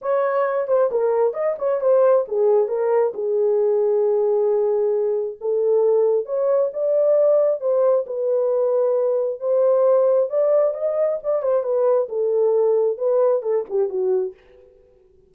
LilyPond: \new Staff \with { instrumentName = "horn" } { \time 4/4 \tempo 4 = 134 cis''4. c''8 ais'4 dis''8 cis''8 | c''4 gis'4 ais'4 gis'4~ | gis'1 | a'2 cis''4 d''4~ |
d''4 c''4 b'2~ | b'4 c''2 d''4 | dis''4 d''8 c''8 b'4 a'4~ | a'4 b'4 a'8 g'8 fis'4 | }